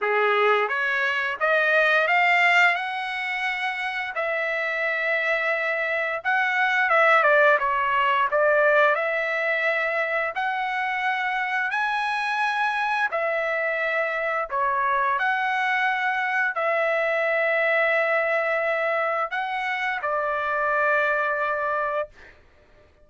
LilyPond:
\new Staff \with { instrumentName = "trumpet" } { \time 4/4 \tempo 4 = 87 gis'4 cis''4 dis''4 f''4 | fis''2 e''2~ | e''4 fis''4 e''8 d''8 cis''4 | d''4 e''2 fis''4~ |
fis''4 gis''2 e''4~ | e''4 cis''4 fis''2 | e''1 | fis''4 d''2. | }